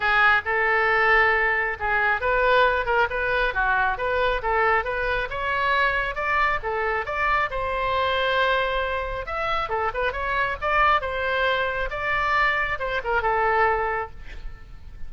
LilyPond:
\new Staff \with { instrumentName = "oboe" } { \time 4/4 \tempo 4 = 136 gis'4 a'2. | gis'4 b'4. ais'8 b'4 | fis'4 b'4 a'4 b'4 | cis''2 d''4 a'4 |
d''4 c''2.~ | c''4 e''4 a'8 b'8 cis''4 | d''4 c''2 d''4~ | d''4 c''8 ais'8 a'2 | }